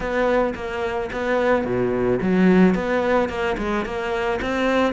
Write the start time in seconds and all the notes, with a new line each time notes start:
0.00 B3
0.55 A#3
1.12 B3
1.64 B2
2.21 F#3
2.74 B3
3.29 A#3
3.57 G#3
3.85 A#3
4.41 C4